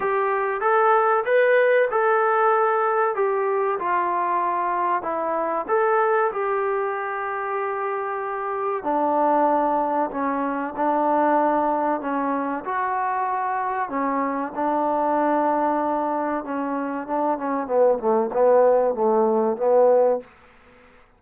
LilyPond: \new Staff \with { instrumentName = "trombone" } { \time 4/4 \tempo 4 = 95 g'4 a'4 b'4 a'4~ | a'4 g'4 f'2 | e'4 a'4 g'2~ | g'2 d'2 |
cis'4 d'2 cis'4 | fis'2 cis'4 d'4~ | d'2 cis'4 d'8 cis'8 | b8 a8 b4 a4 b4 | }